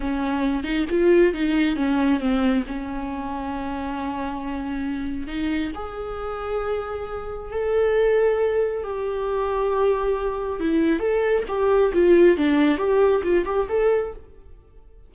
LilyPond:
\new Staff \with { instrumentName = "viola" } { \time 4/4 \tempo 4 = 136 cis'4. dis'8 f'4 dis'4 | cis'4 c'4 cis'2~ | cis'1 | dis'4 gis'2.~ |
gis'4 a'2. | g'1 | e'4 a'4 g'4 f'4 | d'4 g'4 f'8 g'8 a'4 | }